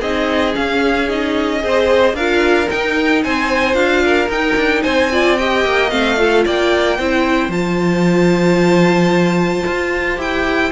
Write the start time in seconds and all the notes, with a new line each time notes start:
0.00 C4 D#4 G#4 D#5
0.53 C#4 F5
1.09 D#4 D#5
1.60 C4 G#4 C5
2.14 D4 F4 A#4 F5
2.67 D#4 G5
2.74 D#4
3.24 C4 C5 G#5
3.74 D4 F4 F5
4.04 A#4
4.29 D#4 G5
4.57 D4
4.83 C4 C5 G#5
5.12 F4 D5
5.38 G4 D#5 G5
5.65 A#3
5.90 A3 C4 F5
6.17 F4 A4
6.45 A#3 D5 G5
6.99 C4 E4 C5
7.49 F3 F4 A5
9.67 F4
10.17 E4 G4 G5